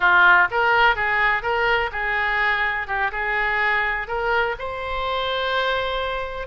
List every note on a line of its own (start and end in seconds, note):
0.00 0.47 F4
0.50 0.95 A#4
0.95 1.42 G#4
1.42 1.90 A#4
1.91 2.87 G#4
2.87 3.11 G4
3.11 4.07 G#4
4.07 4.55 A#4
4.59 6.47 C5